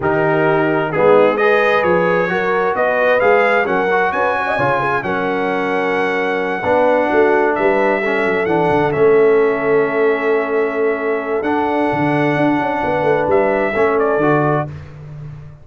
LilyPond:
<<
  \new Staff \with { instrumentName = "trumpet" } { \time 4/4 \tempo 4 = 131 ais'2 gis'4 dis''4 | cis''2 dis''4 f''4 | fis''4 gis''2 fis''4~ | fis''1~ |
fis''8 e''2 fis''4 e''8~ | e''1~ | e''4 fis''2.~ | fis''4 e''4. d''4. | }
  \new Staff \with { instrumentName = "horn" } { \time 4/4 g'2 dis'4 b'4~ | b'4 ais'4 b'2 | ais'4 b'8 cis''16 dis''16 cis''8 gis'8 ais'4~ | ais'2~ ais'8 b'4 fis'8~ |
fis'8 b'4 a'2~ a'8~ | a'1~ | a'1 | b'2 a'2 | }
  \new Staff \with { instrumentName = "trombone" } { \time 4/4 dis'2 b4 gis'4~ | gis'4 fis'2 gis'4 | cis'8 fis'4. f'4 cis'4~ | cis'2~ cis'8 d'4.~ |
d'4. cis'4 d'4 cis'8~ | cis'1~ | cis'4 d'2.~ | d'2 cis'4 fis'4 | }
  \new Staff \with { instrumentName = "tuba" } { \time 4/4 dis2 gis2 | f4 fis4 b4 gis4 | fis4 cis'4 cis4 fis4~ | fis2~ fis8 b4 a8~ |
a8 g4. fis8 e8 d8 a8~ | a1~ | a4 d'4 d4 d'8 cis'8 | b8 a8 g4 a4 d4 | }
>>